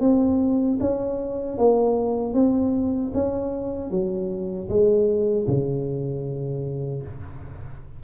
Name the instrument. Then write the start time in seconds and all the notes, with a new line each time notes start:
tuba
0.00 C4
0.80 C#4
1.58 A#3
2.33 C4
3.14 C#4
3.91 F#3
4.69 G#3
5.47 C#3